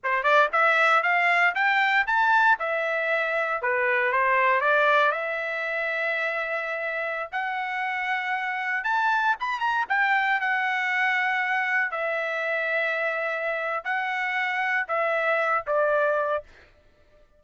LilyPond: \new Staff \with { instrumentName = "trumpet" } { \time 4/4 \tempo 4 = 117 c''8 d''8 e''4 f''4 g''4 | a''4 e''2 b'4 | c''4 d''4 e''2~ | e''2~ e''16 fis''4.~ fis''16~ |
fis''4~ fis''16 a''4 b''8 ais''8 g''8.~ | g''16 fis''2. e''8.~ | e''2. fis''4~ | fis''4 e''4. d''4. | }